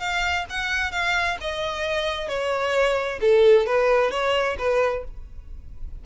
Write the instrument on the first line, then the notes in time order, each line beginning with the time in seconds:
violin
0.00 F5
0.50 F#5
0.92 F5
1.41 D#5
2.29 C#5
3.21 A4
3.67 B4
4.11 C#5
4.59 B4